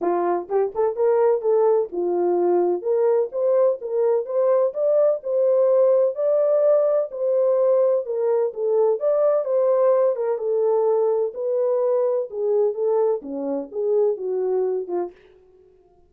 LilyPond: \new Staff \with { instrumentName = "horn" } { \time 4/4 \tempo 4 = 127 f'4 g'8 a'8 ais'4 a'4 | f'2 ais'4 c''4 | ais'4 c''4 d''4 c''4~ | c''4 d''2 c''4~ |
c''4 ais'4 a'4 d''4 | c''4. ais'8 a'2 | b'2 gis'4 a'4 | cis'4 gis'4 fis'4. f'8 | }